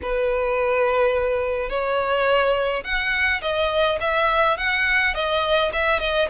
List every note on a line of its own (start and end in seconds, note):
0.02 1.69 B4
1.69 2.83 C#5
2.84 3.41 F#5
3.41 3.98 D#5
4.00 4.57 E5
4.57 5.14 F#5
5.14 5.71 D#5
5.72 5.99 E5
5.99 6.28 D#5